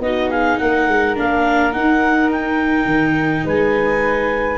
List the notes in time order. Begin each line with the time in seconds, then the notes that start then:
0.00 B3 D#4 F#4 D#5
0.30 G#4 F5
0.59 A#3 A#4 F#5
0.87 G#3
1.16 A#3 D4 F5
1.72 D#4 F#5
2.32 G5
2.85 D#3
3.45 G#3 B4 G#5